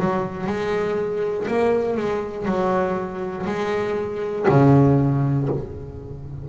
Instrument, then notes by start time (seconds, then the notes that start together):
double bass
0.00 F#3
0.46 G#3
1.47 A#3
1.96 G#3
2.46 F#3
3.46 G#3
4.49 C#3